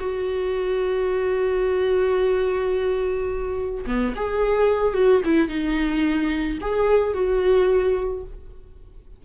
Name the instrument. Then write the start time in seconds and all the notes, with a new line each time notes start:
viola
0.00 F#4
3.87 B3
4.16 G#4
4.94 F#4
5.25 E4
5.49 D#4
6.61 G#4
7.14 F#4